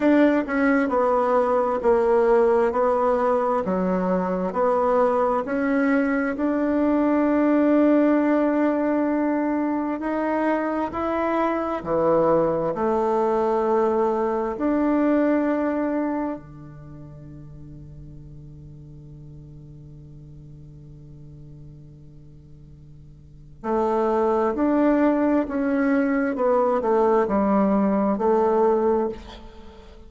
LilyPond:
\new Staff \with { instrumentName = "bassoon" } { \time 4/4 \tempo 4 = 66 d'8 cis'8 b4 ais4 b4 | fis4 b4 cis'4 d'4~ | d'2. dis'4 | e'4 e4 a2 |
d'2 d2~ | d1~ | d2 a4 d'4 | cis'4 b8 a8 g4 a4 | }